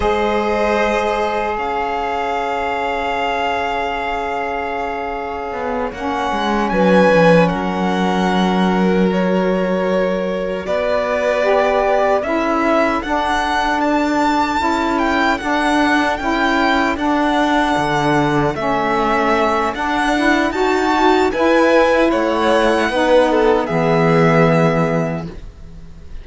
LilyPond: <<
  \new Staff \with { instrumentName = "violin" } { \time 4/4 \tempo 4 = 76 dis''2 f''2~ | f''2.~ f''8 fis''8~ | fis''8 gis''4 fis''2 cis''8~ | cis''4. d''2 e''8~ |
e''8 fis''4 a''4. g''8 fis''8~ | fis''8 g''4 fis''2 e''8~ | e''4 fis''4 a''4 gis''4 | fis''2 e''2 | }
  \new Staff \with { instrumentName = "violin" } { \time 4/4 c''2 cis''2~ | cis''1~ | cis''8 b'4 ais'2~ ais'8~ | ais'4. b'2 a'8~ |
a'1~ | a'1~ | a'2 fis'4 b'4 | cis''4 b'8 a'8 gis'2 | }
  \new Staff \with { instrumentName = "saxophone" } { \time 4/4 gis'1~ | gis'2.~ gis'8 cis'8~ | cis'2.~ cis'8 fis'8~ | fis'2~ fis'8 g'4 e'8~ |
e'8 d'2 e'4 d'8~ | d'8 e'4 d'2 cis'8~ | cis'4 d'8 e'8 fis'4 e'4~ | e'4 dis'4 b2 | }
  \new Staff \with { instrumentName = "cello" } { \time 4/4 gis2 cis'2~ | cis'2. b8 ais8 | gis8 fis8 f8 fis2~ fis8~ | fis4. b2 cis'8~ |
cis'8 d'2 cis'4 d'8~ | d'8 cis'4 d'4 d4 a8~ | a4 d'4 dis'4 e'4 | a4 b4 e2 | }
>>